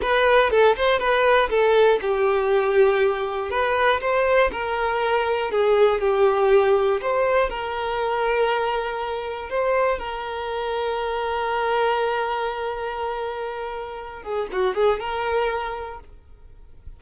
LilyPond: \new Staff \with { instrumentName = "violin" } { \time 4/4 \tempo 4 = 120 b'4 a'8 c''8 b'4 a'4 | g'2. b'4 | c''4 ais'2 gis'4 | g'2 c''4 ais'4~ |
ais'2. c''4 | ais'1~ | ais'1~ | ais'8 gis'8 fis'8 gis'8 ais'2 | }